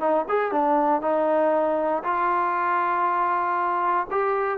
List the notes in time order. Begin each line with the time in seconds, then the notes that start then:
0.00 D#4
0.29 G#4
0.52 D4
1.02 D#4
2.04 F4
4.11 G4